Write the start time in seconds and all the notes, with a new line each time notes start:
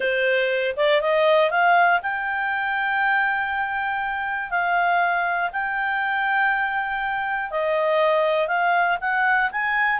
0.00 C5
0.76 D5
1.01 D#5
1.50 F5
2.02 G5
4.50 F5
5.52 G5
7.50 D#5
8.47 F5
9.00 F#5
9.51 G#5